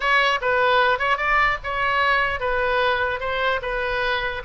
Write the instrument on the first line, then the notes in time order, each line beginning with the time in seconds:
oboe
0.00 C#5
0.41 B4
0.99 C#5
1.17 D5
1.63 C#5
2.39 B4
3.20 C5
3.61 B4